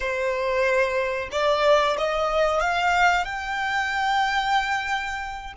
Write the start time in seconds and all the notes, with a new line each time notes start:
0.00 C5
1.31 D5
1.97 D#5
2.60 F5
3.24 G5